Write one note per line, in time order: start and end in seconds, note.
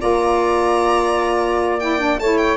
0.00 2.20 A#3
0.00 1.80 F4
0.00 2.21 D5
0.00 1.80 A#5
1.80 1.99 E4
1.80 2.20 G5
1.99 2.19 D4
2.20 2.57 A3
2.20 2.57 E4
2.20 2.57 C#5
2.20 2.38 A5
2.38 2.57 G5